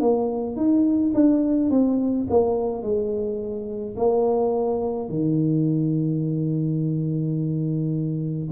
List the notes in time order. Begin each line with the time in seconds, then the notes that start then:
0.00 A#3
0.56 D#4
1.14 D4
1.70 C4
2.30 A#3
2.83 G#3
3.96 A#3
5.09 D#3